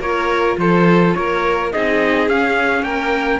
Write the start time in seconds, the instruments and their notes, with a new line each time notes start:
0.00 cello A#3, viola F4, violin A#4, trumpet C#5
0.58 cello F3, violin A4, trumpet C5
1.14 cello A#3, violin A#4, trumpet C#5
1.72 cello C4, viola D#4, violin G#4, trumpet D#5
2.29 cello C#4, viola C#4, trumpet F5
2.83 cello A#3, violin A#4, trumpet G5